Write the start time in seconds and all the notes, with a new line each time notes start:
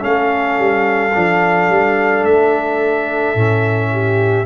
0.00 A3 C#4 A4 F5
0.59 G3
1.14 F3 D4
1.69 G3
2.24 A3 E5
3.35 A2 C#4
3.93 G4